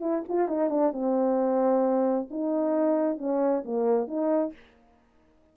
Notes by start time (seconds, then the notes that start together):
0.00 E4
0.28 F4
0.48 D#4
0.70 D4
0.92 C4
2.30 D#4
3.18 C#4
3.65 A#3
4.07 D#4